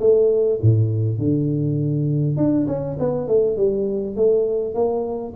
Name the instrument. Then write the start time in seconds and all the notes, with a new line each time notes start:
tuba
0.00 A3
0.62 A2
1.18 D3
2.37 D4
2.67 C#4
2.99 B3
3.27 A3
3.57 G3
4.16 A3
4.74 A#3